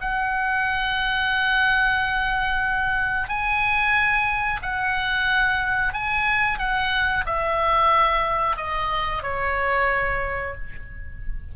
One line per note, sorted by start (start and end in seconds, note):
0.00 3.28 F#5
3.28 4.60 G#5
4.62 5.93 F#5
5.93 6.58 G#5
6.58 7.24 F#5
7.26 8.56 E5
8.56 9.22 D#5
9.22 10.54 C#5